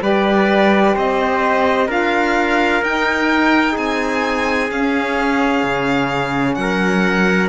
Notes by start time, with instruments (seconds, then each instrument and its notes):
0.00 cello G3, saxophone G4, trumpet B4, violin D5
0.95 cello C4, trumpet C5, violin D#5
1.88 cello D4, saxophone F4, trumpet A#4, violin F5
2.83 cello D#4, saxophone D#4, violin G5
3.72 cello C4, trumpet G#4, violin G#5
4.68 saxophone C#4, cello C#4, violin F5
5.64 cello C#3
6.55 cello F#3, trumpet A#4, violin F#5